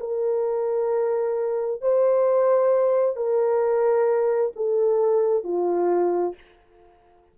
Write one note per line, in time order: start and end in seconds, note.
0.00 1.82 A#4
1.82 3.16 C5
3.16 4.52 A#4
4.56 5.44 A4
5.44 6.35 F4